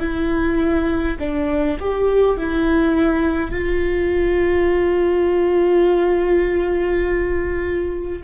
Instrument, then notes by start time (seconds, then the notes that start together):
viola
0.00 E4
1.19 D4
1.80 G4
2.37 E4
3.51 F4